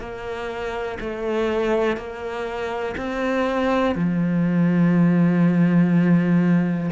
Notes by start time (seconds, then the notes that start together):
0.00 A#3
1.00 A3
1.97 A#3
2.98 C4
3.96 F3